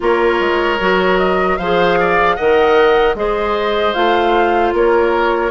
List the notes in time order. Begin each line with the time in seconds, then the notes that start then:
0.00 A#3 F4 A#4 C#5
0.39 G#3
0.80 F#3 F#4
1.18 D#5
1.56 F3 G#4 C5 F5
2.00 D5
2.35 D#3 A#4 D#5 F#5
3.14 G#3 G#4 C5 D#5
3.93 A3 F4 F5
4.73 A#3 A#4 C#5